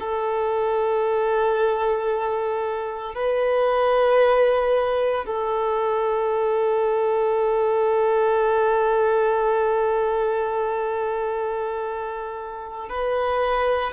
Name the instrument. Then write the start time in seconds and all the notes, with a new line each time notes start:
violin
0.00 A4
3.15 B4
5.26 A4
12.89 B4